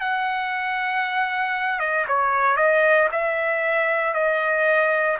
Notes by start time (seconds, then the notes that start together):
0.00 F#5
1.80 D#5
2.08 C#5
2.57 D#5
3.12 E5
4.14 D#5